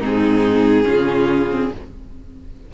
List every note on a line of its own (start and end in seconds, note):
0.00 0.85 G#2
0.00 0.84 C4
0.00 0.85 D#4
0.00 1.73 G#4
0.84 1.72 C#3
0.84 1.47 C#4
0.84 1.70 F4
1.50 1.71 C4